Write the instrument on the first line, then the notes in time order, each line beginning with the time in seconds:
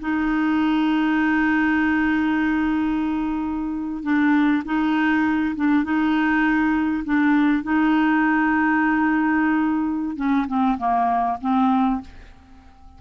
clarinet
0.00 D#4
4.03 D4
4.65 D#4
5.56 D4
5.84 D#4
7.04 D4
7.63 D#4
10.16 C#4
10.48 C4
10.78 A#3
11.41 C4